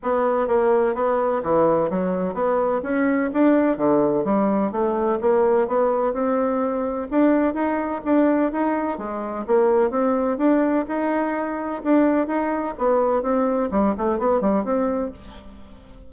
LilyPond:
\new Staff \with { instrumentName = "bassoon" } { \time 4/4 \tempo 4 = 127 b4 ais4 b4 e4 | fis4 b4 cis'4 d'4 | d4 g4 a4 ais4 | b4 c'2 d'4 |
dis'4 d'4 dis'4 gis4 | ais4 c'4 d'4 dis'4~ | dis'4 d'4 dis'4 b4 | c'4 g8 a8 b8 g8 c'4 | }